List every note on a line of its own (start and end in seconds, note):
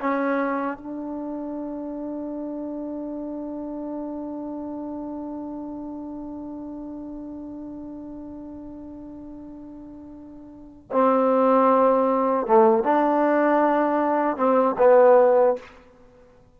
0.00 0.77 C#4
0.77 10.90 D4
10.92 12.46 C4
12.46 12.83 A3
12.83 14.37 D4
14.37 14.76 C4
14.78 15.56 B3